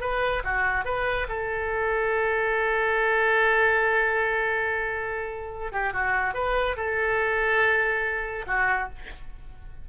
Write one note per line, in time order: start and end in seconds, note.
0.00 0.42 B4
0.44 0.84 F#4
0.84 1.27 B4
1.28 5.72 A4
5.72 5.93 G4
5.93 6.33 F#4
6.33 6.76 B4
6.76 8.45 A4
8.46 8.88 F#4